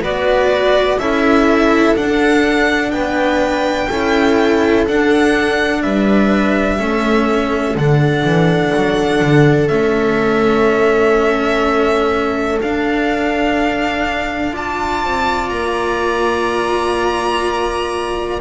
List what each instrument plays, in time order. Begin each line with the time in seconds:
0.00 double bass B3, cello F#4, viola B4, violin D5
0.97 double bass C#4, cello E4, viola A4, violin E5
1.95 cello D4, double bass D4, violin F#5
2.91 double bass B3, viola B4, violin G5
3.88 double bass C#4, cello E4, viola A4
4.87 double bass D4, cello D4, violin F#5
5.82 double bass G3, viola B4, violin E5
6.79 double bass A3, cello C#4, viola A4
7.75 double bass D3, cello D4, violin F#5
8.24 double bass E3
8.75 double bass F#3
9.21 double bass D3
9.68 double bass A3, cello C#4, violin E5
12.61 cello D4, double bass D4, violin F5
14.52 cello F4, viola D5, violin A5
15.04 double bass C4
15.49 double bass A#3, violin A#5